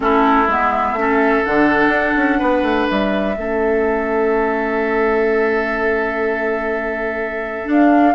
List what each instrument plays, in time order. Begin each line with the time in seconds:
0.00 bassoon A3, clarinet C#4, oboe E4, flute A4
0.47 bassoon G#3, clarinet B3, flute E5
0.92 bassoon A3, clarinet C#4
1.00 oboe A4
1.44 bassoon D3, clarinet D4, flute F#5
1.88 bassoon D4
2.16 bassoon C#4
2.39 bassoon B3, oboe B4
2.62 bassoon A3
2.89 bassoon G3, flute E5
3.35 bassoon A3, clarinet C#4, oboe A4
7.65 clarinet D4, bassoon D4, flute F5